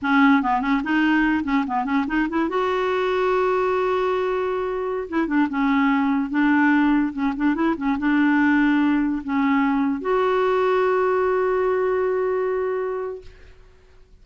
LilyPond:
\new Staff \with { instrumentName = "clarinet" } { \time 4/4 \tempo 4 = 145 cis'4 b8 cis'8 dis'4. cis'8 | b8 cis'8 dis'8 e'8 fis'2~ | fis'1~ | fis'16 e'8 d'8 cis'2 d'8.~ |
d'4~ d'16 cis'8 d'8 e'8 cis'8 d'8.~ | d'2~ d'16 cis'4.~ cis'16~ | cis'16 fis'2.~ fis'8.~ | fis'1 | }